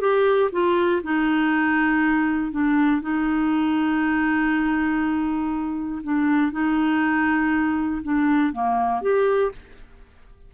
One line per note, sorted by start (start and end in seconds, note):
0.00 0.50 G4
0.52 1.02 F4
1.03 2.51 D#4
2.51 3.01 D4
3.01 6.01 D#4
6.03 6.52 D4
6.52 8.02 D#4
8.02 8.52 D4
8.52 9.01 A#3
9.01 9.51 G4